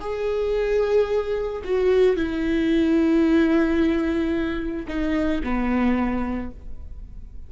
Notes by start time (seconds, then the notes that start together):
0.00 G#4
1.64 F#4
2.16 E4
4.88 D#4
5.43 B3